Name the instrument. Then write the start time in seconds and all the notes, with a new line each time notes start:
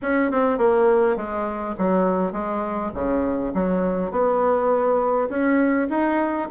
bassoon
0.02 C#4
0.31 C4
0.57 A#3
1.16 G#3
1.78 F#3
2.32 G#3
2.94 C#3
3.53 F#3
4.11 B3
5.29 C#4
5.89 D#4